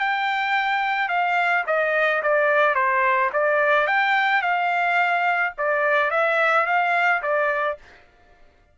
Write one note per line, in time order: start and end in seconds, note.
0.00 1.09 G5
1.09 1.64 F5
1.67 2.22 D#5
2.22 2.75 D5
2.75 3.30 C5
3.33 3.87 D5
3.87 4.42 G5
4.42 5.53 F5
5.58 6.11 D5
6.11 6.66 E5
6.66 7.22 F5
7.22 7.78 D5